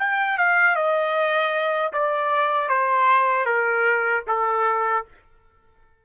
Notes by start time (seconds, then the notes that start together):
0.00 G5
0.39 F5
0.76 D#5
1.93 D5
2.69 C5
3.46 A#4
4.28 A4